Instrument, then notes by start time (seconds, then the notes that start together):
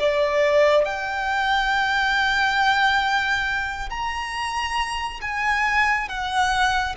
violin
0.00 D5
0.85 G5
3.90 A#5
5.22 G#5
6.09 F#5